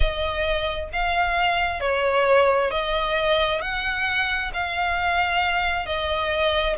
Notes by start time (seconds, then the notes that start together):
0.00 D#5
0.92 F5
1.80 C#5
2.70 D#5
3.61 F#5
4.53 F5
5.85 D#5